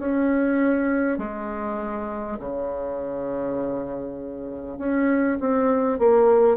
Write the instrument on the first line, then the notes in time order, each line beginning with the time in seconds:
bassoon
0.00 C#4
1.18 G#3
2.40 C#3
4.79 C#4
5.41 C4
5.99 A#3